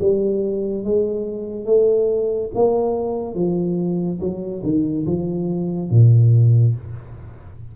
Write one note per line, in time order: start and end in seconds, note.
0.00 0.85 G3
0.85 1.66 G#3
1.66 2.50 A3
2.55 3.35 A#3
3.35 4.19 F3
4.20 4.62 F#3
4.64 5.06 D#3
5.06 5.90 F3
5.90 6.75 A#2